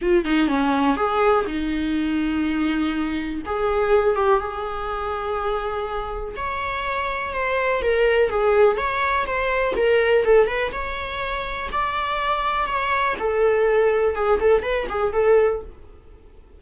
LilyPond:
\new Staff \with { instrumentName = "viola" } { \time 4/4 \tempo 4 = 123 f'8 dis'8 cis'4 gis'4 dis'4~ | dis'2. gis'4~ | gis'8 g'8 gis'2.~ | gis'4 cis''2 c''4 |
ais'4 gis'4 cis''4 c''4 | ais'4 a'8 b'8 cis''2 | d''2 cis''4 a'4~ | a'4 gis'8 a'8 b'8 gis'8 a'4 | }